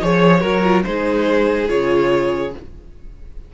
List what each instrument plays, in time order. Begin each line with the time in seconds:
0.00 cello F3, viola G#4, violin C#5
0.41 cello F#3, viola F#4, violin A#4
0.64 viola F4
0.84 cello G#3, viola D#4, violin G#4 C5
1.68 cello C#3, viola F4, violin C#5